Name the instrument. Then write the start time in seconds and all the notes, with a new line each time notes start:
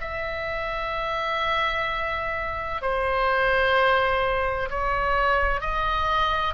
oboe
0.00 E5
2.81 C5
4.70 C#5
5.60 D#5